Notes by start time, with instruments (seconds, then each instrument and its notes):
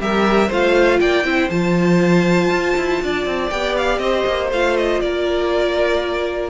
0.00 cello G3, viola G4, violin A#4 E5
0.49 cello A3, viola F4, violin C5 F5
1.00 cello A#3, violin D5 G5
1.24 cello C4, viola E4, violin C5
1.50 cello F3, viola F4, violin A5
2.50 cello F4
2.77 cello E4
3.02 cello D4, violin D5
3.26 cello C4
3.50 cello B3, viola G4, violin G5
3.77 violin F5
3.99 cello C4, violin C5 D#5
4.27 cello A#3
4.52 cello A3, viola F4, violin F5
4.77 violin D#5
5.01 cello A#3, violin A#4 D5